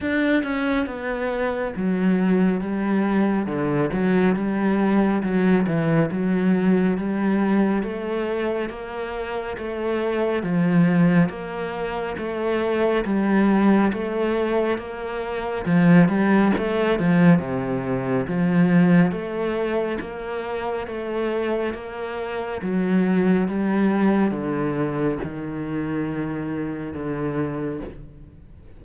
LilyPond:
\new Staff \with { instrumentName = "cello" } { \time 4/4 \tempo 4 = 69 d'8 cis'8 b4 fis4 g4 | d8 fis8 g4 fis8 e8 fis4 | g4 a4 ais4 a4 | f4 ais4 a4 g4 |
a4 ais4 f8 g8 a8 f8 | c4 f4 a4 ais4 | a4 ais4 fis4 g4 | d4 dis2 d4 | }